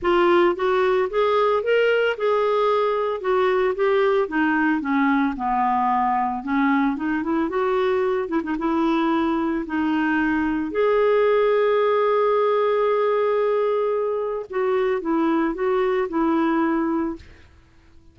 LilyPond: \new Staff \with { instrumentName = "clarinet" } { \time 4/4 \tempo 4 = 112 f'4 fis'4 gis'4 ais'4 | gis'2 fis'4 g'4 | dis'4 cis'4 b2 | cis'4 dis'8 e'8 fis'4. e'16 dis'16 |
e'2 dis'2 | gis'1~ | gis'2. fis'4 | e'4 fis'4 e'2 | }